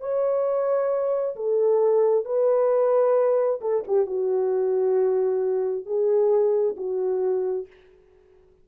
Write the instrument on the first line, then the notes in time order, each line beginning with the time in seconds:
horn
0.00 C#5
1.36 A4
2.25 B4
3.61 A4
3.87 G4
4.06 F#4
5.85 G#4
6.77 F#4